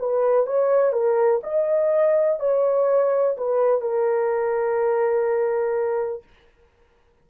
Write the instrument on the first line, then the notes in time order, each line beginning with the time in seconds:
horn
0.00 B4
0.47 C#5
0.93 A#4
1.44 D#5
2.40 C#5
3.38 B4
3.82 A#4